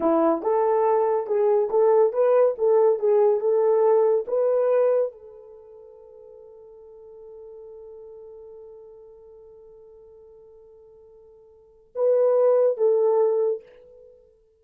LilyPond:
\new Staff \with { instrumentName = "horn" } { \time 4/4 \tempo 4 = 141 e'4 a'2 gis'4 | a'4 b'4 a'4 gis'4 | a'2 b'2 | a'1~ |
a'1~ | a'1~ | a'1 | b'2 a'2 | }